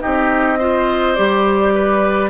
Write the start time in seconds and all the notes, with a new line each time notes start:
0.00 C4 D#4 G4 D#5
0.59 F4 C5
1.15 G3 G4 D5
1.75 B4